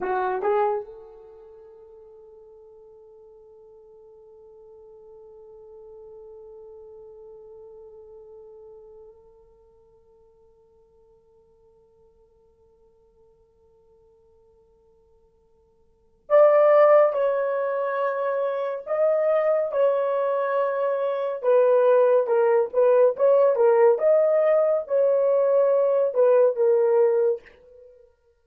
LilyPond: \new Staff \with { instrumentName = "horn" } { \time 4/4 \tempo 4 = 70 fis'8 gis'8 a'2.~ | a'1~ | a'1~ | a'1~ |
a'2. d''4 | cis''2 dis''4 cis''4~ | cis''4 b'4 ais'8 b'8 cis''8 ais'8 | dis''4 cis''4. b'8 ais'4 | }